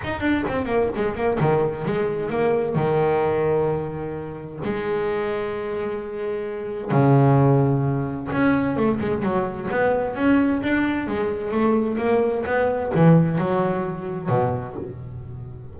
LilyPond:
\new Staff \with { instrumentName = "double bass" } { \time 4/4 \tempo 4 = 130 dis'8 d'8 c'8 ais8 gis8 ais8 dis4 | gis4 ais4 dis2~ | dis2 gis2~ | gis2. cis4~ |
cis2 cis'4 a8 gis8 | fis4 b4 cis'4 d'4 | gis4 a4 ais4 b4 | e4 fis2 b,4 | }